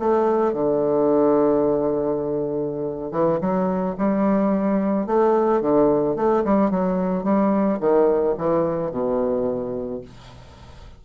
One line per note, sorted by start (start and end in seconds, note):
0.00 0.53 A3
0.53 3.12 D3
3.12 3.39 E3
3.41 3.96 F#3
3.98 5.07 G3
5.07 5.61 A3
5.61 6.16 D3
6.16 6.44 A3
6.45 6.71 G3
6.71 7.24 F#3
7.24 7.79 G3
7.80 8.35 D#3
8.38 8.91 E3
8.91 10.01 B2